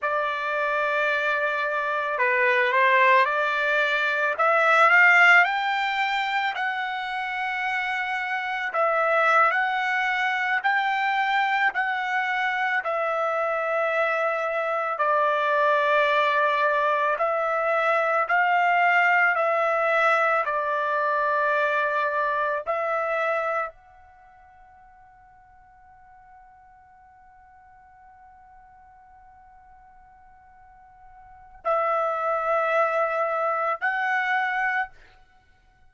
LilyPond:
\new Staff \with { instrumentName = "trumpet" } { \time 4/4 \tempo 4 = 55 d''2 b'8 c''8 d''4 | e''8 f''8 g''4 fis''2 | e''8. fis''4 g''4 fis''4 e''16~ | e''4.~ e''16 d''2 e''16~ |
e''8. f''4 e''4 d''4~ d''16~ | d''8. e''4 fis''2~ fis''16~ | fis''1~ | fis''4 e''2 fis''4 | }